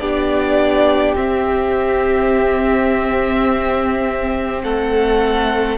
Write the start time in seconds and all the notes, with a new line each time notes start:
0.00 B3 D4 G4 D5
1.16 C4 E5
4.63 A3 A4 F#5